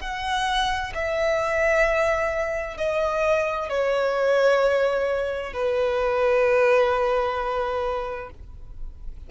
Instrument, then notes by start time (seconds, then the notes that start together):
violin
0.00 F#5
0.94 E5
2.77 D#5
3.69 C#5
5.53 B4